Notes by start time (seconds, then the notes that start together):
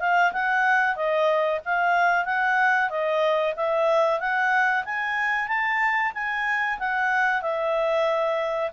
0.00 F5
0.33 F#5
0.96 D#5
1.65 F5
2.26 F#5
2.90 D#5
3.56 E5
4.20 F#5
4.85 G#5
5.48 A5
6.14 G#5
6.79 F#5
7.42 E5